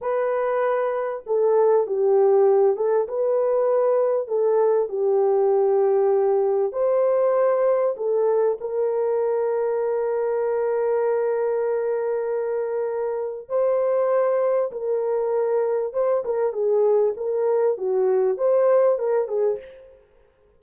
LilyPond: \new Staff \with { instrumentName = "horn" } { \time 4/4 \tempo 4 = 98 b'2 a'4 g'4~ | g'8 a'8 b'2 a'4 | g'2. c''4~ | c''4 a'4 ais'2~ |
ais'1~ | ais'2 c''2 | ais'2 c''8 ais'8 gis'4 | ais'4 fis'4 c''4 ais'8 gis'8 | }